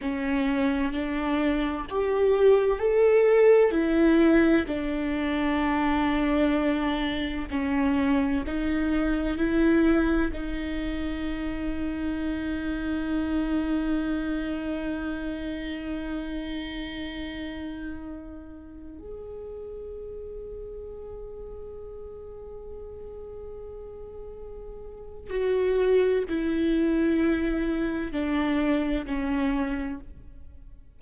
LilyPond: \new Staff \with { instrumentName = "viola" } { \time 4/4 \tempo 4 = 64 cis'4 d'4 g'4 a'4 | e'4 d'2. | cis'4 dis'4 e'4 dis'4~ | dis'1~ |
dis'1~ | dis'16 gis'2.~ gis'8.~ | gis'2. fis'4 | e'2 d'4 cis'4 | }